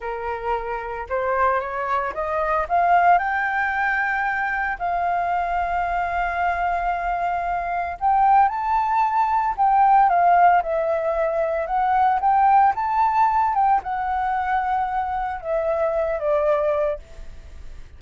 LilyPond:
\new Staff \with { instrumentName = "flute" } { \time 4/4 \tempo 4 = 113 ais'2 c''4 cis''4 | dis''4 f''4 g''2~ | g''4 f''2.~ | f''2. g''4 |
a''2 g''4 f''4 | e''2 fis''4 g''4 | a''4. g''8 fis''2~ | fis''4 e''4. d''4. | }